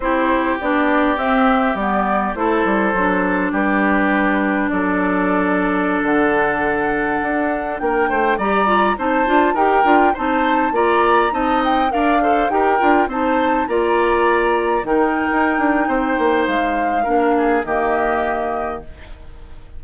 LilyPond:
<<
  \new Staff \with { instrumentName = "flute" } { \time 4/4 \tempo 4 = 102 c''4 d''4 e''4 d''4 | c''2 b'2 | d''2~ d''16 fis''4.~ fis''16~ | fis''4~ fis''16 g''4 ais''4 a''8.~ |
a''16 g''4 a''4 ais''4 a''8 g''16~ | g''16 f''4 g''4 a''4 ais''8.~ | ais''4~ ais''16 g''2~ g''8. | f''2 dis''2 | }
  \new Staff \with { instrumentName = "oboe" } { \time 4/4 g'1 | a'2 g'2 | a'1~ | a'4~ a'16 ais'8 c''8 d''4 c''8.~ |
c''16 ais'4 c''4 d''4 dis''8.~ | dis''16 d''8 c''8 ais'4 c''4 d''8.~ | d''4~ d''16 ais'4.~ ais'16 c''4~ | c''4 ais'8 gis'8 g'2 | }
  \new Staff \with { instrumentName = "clarinet" } { \time 4/4 e'4 d'4 c'4 b4 | e'4 d'2.~ | d'1~ | d'2~ d'16 g'8 f'8 dis'8 f'16~ |
f'16 g'8 f'8 dis'4 f'4 dis'8.~ | dis'16 ais'8 a'8 g'8 f'8 dis'4 f'8.~ | f'4~ f'16 dis'2~ dis'8.~ | dis'4 d'4 ais2 | }
  \new Staff \with { instrumentName = "bassoon" } { \time 4/4 c'4 b4 c'4 g4 | a8 g8 fis4 g2 | fis2~ fis16 d4.~ d16~ | d16 d'4 ais8 a8 g4 c'8 d'16~ |
d'16 dis'8 d'8 c'4 ais4 c'8.~ | c'16 d'4 dis'8 d'8 c'4 ais8.~ | ais4~ ais16 dis8. dis'8 d'8 c'8 ais8 | gis4 ais4 dis2 | }
>>